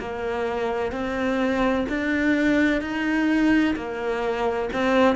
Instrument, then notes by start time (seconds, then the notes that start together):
cello
0.00 A#3
0.92 C4
1.89 D4
2.81 D#4
3.76 A#3
4.73 C4